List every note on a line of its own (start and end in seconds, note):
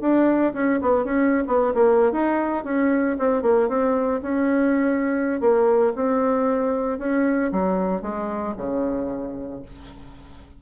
0.00 0.53 D4
0.53 0.79 C#4
0.81 1.04 B3
1.04 1.44 C#4
1.47 1.73 B3
1.74 2.11 A#3
2.11 2.64 D#4
2.64 3.17 C#4
3.18 3.42 C4
3.42 3.68 A#3
3.68 4.21 C4
4.22 5.40 C#4
5.40 5.93 A#3
5.95 6.98 C4
6.98 7.51 C#4
7.52 8.02 F#3
8.02 8.54 G#3
8.57 9.62 C#3